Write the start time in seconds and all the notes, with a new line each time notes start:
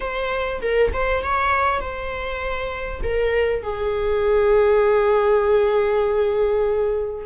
0.00 C5
0.61 A#4
0.93 C5
1.23 C#5
1.80 C5
3.03 A#4
3.62 G#4